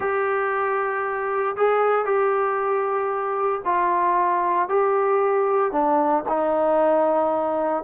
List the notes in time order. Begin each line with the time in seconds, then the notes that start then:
0.00 G4
1.56 G#4
2.05 G4
3.65 F4
4.68 G4
5.72 D4
6.28 D#4